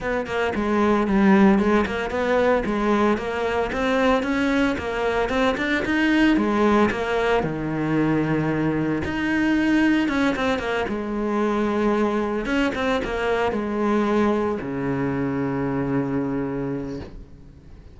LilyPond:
\new Staff \with { instrumentName = "cello" } { \time 4/4 \tempo 4 = 113 b8 ais8 gis4 g4 gis8 ais8 | b4 gis4 ais4 c'4 | cis'4 ais4 c'8 d'8 dis'4 | gis4 ais4 dis2~ |
dis4 dis'2 cis'8 c'8 | ais8 gis2. cis'8 | c'8 ais4 gis2 cis8~ | cis1 | }